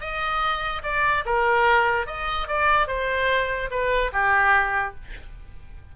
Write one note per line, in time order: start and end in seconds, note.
0.00 0.82 D#5
0.83 1.24 D5
1.25 2.06 A#4
2.06 2.48 D#5
2.48 2.87 D5
2.87 3.69 C5
3.70 4.11 B4
4.12 4.94 G4